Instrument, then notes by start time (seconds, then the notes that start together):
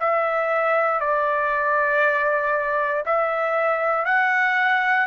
trumpet
0.00 E5
1.00 D5
3.06 E5
4.05 F#5